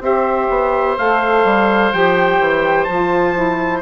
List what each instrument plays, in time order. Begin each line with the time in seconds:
0.00 bassoon C4, saxophone G4, oboe C5, trumpet E5
0.50 bassoon B3
0.98 bassoon A3, saxophone A4, trumpet F5
1.44 bassoon G3
1.93 bassoon F3, saxophone G4, trumpet G5
2.40 bassoon E3
2.85 bassoon F3, saxophone F4, trumpet A5
3.35 saxophone E4